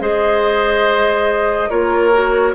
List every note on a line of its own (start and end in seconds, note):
0.00 1.69 G#3
0.00 1.69 G#4
0.00 1.70 C5
0.00 1.70 D#5
1.69 2.54 A#3
1.69 2.11 F4
1.69 2.54 A#4
1.69 2.54 C#5
2.12 2.54 F#4